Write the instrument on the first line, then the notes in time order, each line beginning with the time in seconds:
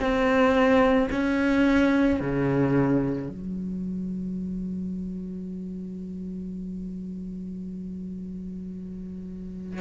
cello
0.00 C4
1.12 C#4
2.21 C#3
3.29 F#3